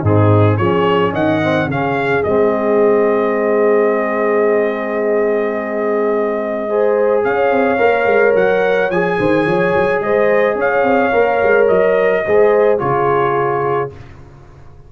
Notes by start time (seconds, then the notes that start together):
0.00 G#2 C4 D#4 G#4
0.57 F3 C#4 G#4 C#5
1.12 D#3 D#5 F#5
1.42 C4
1.66 C#3 C#4 G#4 F5
2.23 G#3 C4 D#5
6.69 G#4 C5
7.24 C#4 C#5 F5
7.51 C4
7.78 A#3 A#4
8.06 G#3
8.34 F#3 F#5
8.90 F3 G#4 G#5
9.18 D#3 C5
9.45 F3 C#5
9.75 F#3
10.01 G#3 C5 D#5
10.55 C#4 C#5 F5
10.83 C4
11.12 A#3 A#4
11.42 G#3
11.68 F#3 D#5
12.25 G#3 G#4 C5
12.78 C#3 F4 G#4 C#5